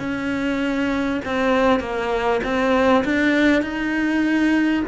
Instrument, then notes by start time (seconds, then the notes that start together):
cello
0.00 C#4
1.25 C4
1.80 A#3
2.44 C4
3.05 D4
3.63 D#4